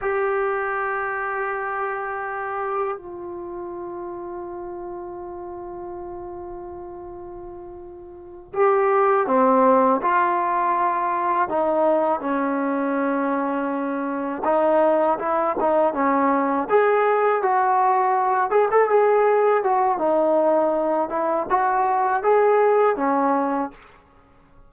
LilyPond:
\new Staff \with { instrumentName = "trombone" } { \time 4/4 \tempo 4 = 81 g'1 | f'1~ | f'2.~ f'8 g'8~ | g'8 c'4 f'2 dis'8~ |
dis'8 cis'2. dis'8~ | dis'8 e'8 dis'8 cis'4 gis'4 fis'8~ | fis'4 gis'16 a'16 gis'4 fis'8 dis'4~ | dis'8 e'8 fis'4 gis'4 cis'4 | }